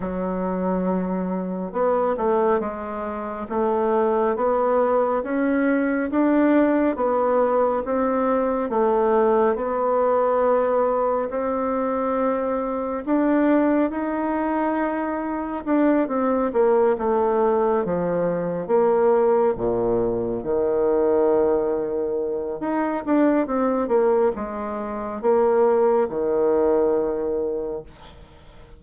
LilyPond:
\new Staff \with { instrumentName = "bassoon" } { \time 4/4 \tempo 4 = 69 fis2 b8 a8 gis4 | a4 b4 cis'4 d'4 | b4 c'4 a4 b4~ | b4 c'2 d'4 |
dis'2 d'8 c'8 ais8 a8~ | a8 f4 ais4 ais,4 dis8~ | dis2 dis'8 d'8 c'8 ais8 | gis4 ais4 dis2 | }